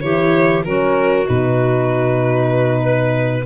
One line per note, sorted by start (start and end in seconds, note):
0.00 0.64 E3
0.00 0.65 E4
0.00 0.65 G4
0.00 0.62 C#5
0.64 1.27 F#3
0.64 1.25 C#4
0.64 2.81 F#4
0.64 1.26 A#4
1.25 3.46 B2
1.25 3.43 D#4
1.25 3.46 B4
2.81 3.44 B4